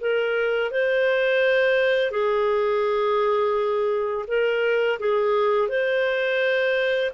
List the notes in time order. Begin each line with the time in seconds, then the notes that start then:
0.00 A#4
0.71 C5
2.11 G#4
4.27 A#4
4.99 G#4
5.69 C5